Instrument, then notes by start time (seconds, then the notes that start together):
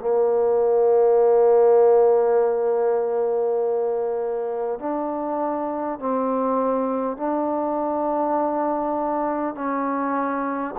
trombone
0.00 A#3
4.79 D4
5.99 C4
7.17 D4
9.55 C#4